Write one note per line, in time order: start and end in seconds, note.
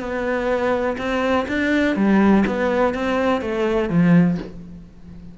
0.00 0.97 B3
0.98 1.46 C4
1.48 1.96 D4
1.96 2.44 G3
2.47 2.95 B3
2.95 3.41 C4
3.41 3.90 A3
3.90 4.38 F3